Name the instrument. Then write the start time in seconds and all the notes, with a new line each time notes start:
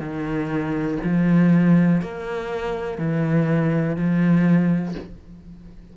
cello
0.00 D#3
1.04 F3
2.02 A#3
2.98 E3
3.97 F3